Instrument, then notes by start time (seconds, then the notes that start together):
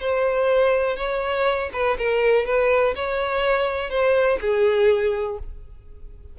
violin
0.00 C5
0.96 C#5
1.73 B4
1.98 A#4
2.46 B4
2.95 C#5
3.90 C5
4.41 G#4